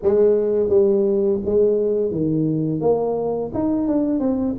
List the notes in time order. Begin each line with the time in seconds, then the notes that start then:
0.02 G#3
0.69 G3
1.45 G#3
2.11 D#3
2.80 A#3
3.54 D#4
3.87 D4
4.19 C4